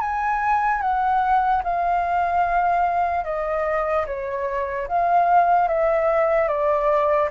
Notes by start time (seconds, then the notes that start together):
0.00 G#5
0.81 F#5
1.63 F5
3.24 D#5
4.06 C#5
4.88 F5
5.68 E5
6.48 D5